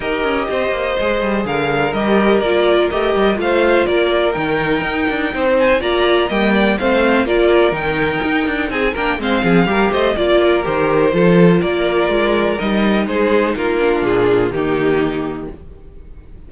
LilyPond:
<<
  \new Staff \with { instrumentName = "violin" } { \time 4/4 \tempo 4 = 124 dis''2. f''4 | dis''4 d''4 dis''4 f''4 | d''4 g''2~ g''8 gis''8 | ais''4 g''4 f''4 d''4 |
g''2 gis''8 g''8 f''4~ | f''8 dis''8 d''4 c''2 | d''2 dis''4 c''4 | ais'4 gis'4 g'2 | }
  \new Staff \with { instrumentName = "violin" } { \time 4/4 ais'4 c''2 ais'4~ | ais'2. c''4 | ais'2. c''4 | d''4 dis''8 d''8 c''4 ais'4~ |
ais'2 gis'8 ais'8 c''8 gis'8 | ais'8 c''8 d''8 ais'4. a'4 | ais'2. gis'4 | f'2 dis'2 | }
  \new Staff \with { instrumentName = "viola" } { \time 4/4 g'2 gis'2 | g'4 f'4 g'4 f'4~ | f'4 dis'2. | f'4 ais4 c'4 f'4 |
dis'2~ dis'8 d'8 c'4 | g'4 f'4 g'4 f'4~ | f'2 dis'2~ | dis'8 d'4. ais2 | }
  \new Staff \with { instrumentName = "cello" } { \time 4/4 dis'8 cis'8 c'8 ais8 gis8 g8 d4 | g4 ais4 a8 g8 a4 | ais4 dis4 dis'8 d'8 c'4 | ais4 g4 a4 ais4 |
dis4 dis'8 d'8 c'8 ais8 gis8 f8 | g8 a8 ais4 dis4 f4 | ais4 gis4 g4 gis4 | ais4 ais,4 dis2 | }
>>